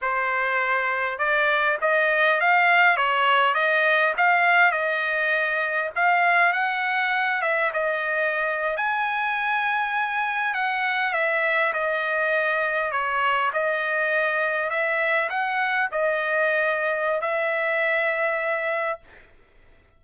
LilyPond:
\new Staff \with { instrumentName = "trumpet" } { \time 4/4 \tempo 4 = 101 c''2 d''4 dis''4 | f''4 cis''4 dis''4 f''4 | dis''2 f''4 fis''4~ | fis''8 e''8 dis''4.~ dis''16 gis''4~ gis''16~ |
gis''4.~ gis''16 fis''4 e''4 dis''16~ | dis''4.~ dis''16 cis''4 dis''4~ dis''16~ | dis''8. e''4 fis''4 dis''4~ dis''16~ | dis''4 e''2. | }